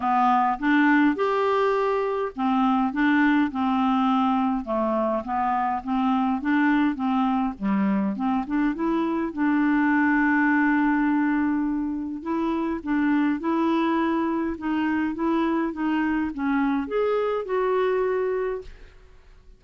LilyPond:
\new Staff \with { instrumentName = "clarinet" } { \time 4/4 \tempo 4 = 103 b4 d'4 g'2 | c'4 d'4 c'2 | a4 b4 c'4 d'4 | c'4 g4 c'8 d'8 e'4 |
d'1~ | d'4 e'4 d'4 e'4~ | e'4 dis'4 e'4 dis'4 | cis'4 gis'4 fis'2 | }